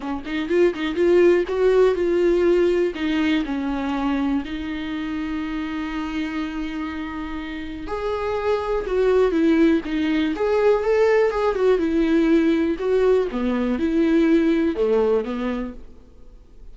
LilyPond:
\new Staff \with { instrumentName = "viola" } { \time 4/4 \tempo 4 = 122 cis'8 dis'8 f'8 dis'8 f'4 fis'4 | f'2 dis'4 cis'4~ | cis'4 dis'2.~ | dis'1 |
gis'2 fis'4 e'4 | dis'4 gis'4 a'4 gis'8 fis'8 | e'2 fis'4 b4 | e'2 a4 b4 | }